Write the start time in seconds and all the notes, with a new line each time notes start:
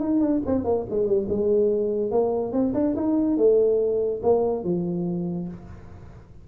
0.00 D#4
0.21 D4
0.46 C4
0.65 A#3
0.90 G#3
1.06 G3
1.29 G#3
2.11 A#3
2.52 C4
2.74 D4
2.96 D#4
3.37 A3
4.23 A#3
4.64 F3